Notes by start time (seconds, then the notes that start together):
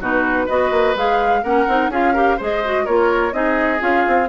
0.00 B2 D#4 F#4 B4
0.45 B3 F#4 B4 D#5
0.70 A#3
0.95 G#3 G#4 F5
1.43 A#3 C#4 A#4 F#5
1.67 C4 D#4
1.88 C#4 F4 G#4 F5
2.13 G4 A#4
2.37 G#3 G#4 C5 D#5
2.64 F#4
2.85 A#3 F4 A#4 C#5
3.32 C4 D#4 G#4 D#5
3.79 C#4 F4 F5
4.07 C4